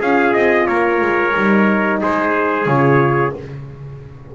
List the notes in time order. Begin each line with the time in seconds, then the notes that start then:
0.00 C#4 F4 G#4 F5
0.34 C4 D#5
0.67 A#3 A#4 C#5
1.01 G#3
1.35 G3 D#4
2.02 G#3 G#4 C5
2.66 C#3 F4 C#5